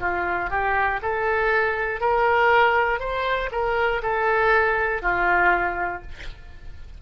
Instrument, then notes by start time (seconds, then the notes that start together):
oboe
0.00 F4
0.50 G4
1.02 A4
2.00 A#4
3.00 C5
3.51 A#4
4.03 A4
5.02 F4